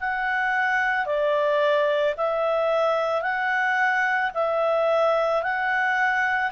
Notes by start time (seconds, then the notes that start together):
0.00 F#5
1.06 D5
2.17 E5
3.22 F#5
4.34 E5
5.42 F#5